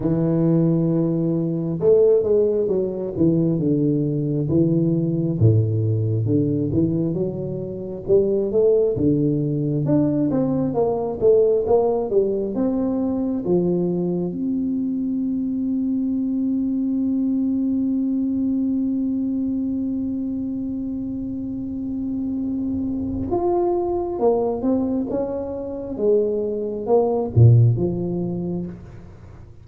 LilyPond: \new Staff \with { instrumentName = "tuba" } { \time 4/4 \tempo 4 = 67 e2 a8 gis8 fis8 e8 | d4 e4 a,4 d8 e8 | fis4 g8 a8 d4 d'8 c'8 | ais8 a8 ais8 g8 c'4 f4 |
c'1~ | c'1~ | c'2 f'4 ais8 c'8 | cis'4 gis4 ais8 ais,8 f4 | }